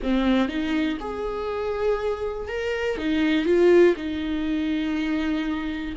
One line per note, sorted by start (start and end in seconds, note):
0.02 0.48 C4
0.48 0.98 D#4
1.00 2.48 G#4
2.48 2.97 A#4
2.97 3.45 D#4
3.45 3.94 F4
3.96 5.94 D#4